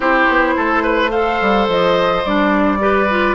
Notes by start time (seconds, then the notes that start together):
0.00 C4 E4 G4 C5
0.28 B3
0.56 A3 A4
0.82 B4
1.10 A4 C5 F5
1.41 G3
1.68 F3 D#5
2.24 G3 D4 D5
2.79 G4 B4
3.10 F4